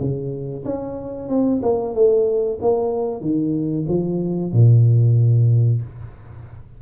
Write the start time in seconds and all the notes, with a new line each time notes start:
0.00 C#3
0.65 C#4
1.29 C4
1.62 A#3
1.94 A3
2.61 A#3
3.21 D#3
3.88 F3
4.52 A#2